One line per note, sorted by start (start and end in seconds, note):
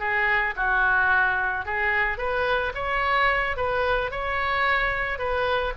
0.00 0.55 G#4
0.57 1.66 F#4
1.66 2.18 G#4
2.18 2.73 B4
2.75 3.57 C#5
3.57 4.11 B4
4.11 5.19 C#5
5.19 5.73 B4